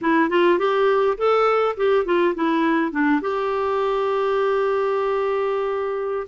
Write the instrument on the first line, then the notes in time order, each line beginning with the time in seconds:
clarinet
0.01 E4
0.29 F4
0.59 G4
1.17 A4
1.77 G4
2.05 F4
2.34 E4
2.91 D4
3.21 G4